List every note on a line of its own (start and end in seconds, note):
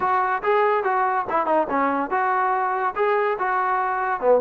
0.00 0.42 F#4
0.43 0.83 G#4
0.83 1.25 F#4
1.29 1.46 E4
1.46 1.67 D#4
1.69 2.10 C#4
2.10 2.94 F#4
2.95 3.37 G#4
3.38 4.20 F#4
4.20 4.41 B3